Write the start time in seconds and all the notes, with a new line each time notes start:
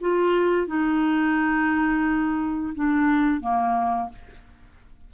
0.00 F4
0.67 D#4
2.74 D4
3.40 A#3